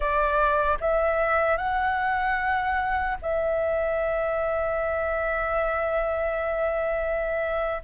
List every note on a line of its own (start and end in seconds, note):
0.00 0.77 D5
0.80 1.57 E5
1.57 3.17 F#5
3.21 7.81 E5